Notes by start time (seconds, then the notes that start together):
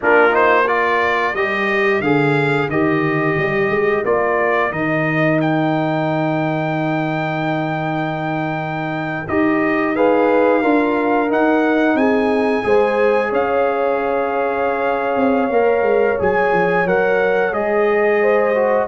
0.01 A#3 D4 F4 A#4
0.30 D#4 C5
0.66 F4 A#4 D5
1.33 G3 G4 D#5
2.00 D3 G#4 F5
2.67 D#3 G4 D#5
3.37 G3
3.69 G#3
4.04 A#3 F4 D5
4.71 D#3 D#4 D#5
5.40 G5
9.28 D#4 G4 D#5
9.95 G#4 B4 F5
10.61 D4 F4 A#4
11.28 D#4 F#5
11.94 C4 G#4 G#5
12.63 G#3 G#4 C5
13.30 C#4 C#5 F5
15.16 C4
15.50 A#3 A#4
15.82 G#3
16.19 F#3 G#4 G#5
16.52 F3
16.85 F#3 A#4 F#5
17.52 G#3 G#4 D#5
18.21 C5
18.54 F#4